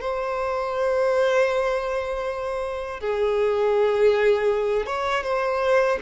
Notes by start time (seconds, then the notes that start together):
0.00 C5
3.00 G#4
4.86 C#5
5.23 C5